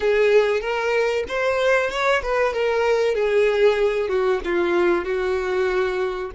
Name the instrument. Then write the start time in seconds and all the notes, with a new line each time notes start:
violin
0.00 G#4
0.61 A#4
1.28 C5
1.90 C#5
2.22 B4
2.53 A#4
3.14 G#4
4.09 F#4
4.44 F4
5.04 F#4